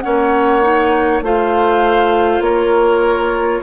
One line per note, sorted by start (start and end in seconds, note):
0.00 1.21 A#3
0.00 0.62 C#4
0.00 1.24 C#5
0.00 1.20 F#5
0.62 1.22 D#4
1.21 2.40 A3
1.21 3.62 F4
1.21 2.44 C5
1.21 2.42 F5
2.40 3.60 A#3
2.40 3.62 A#4
2.40 3.62 C#5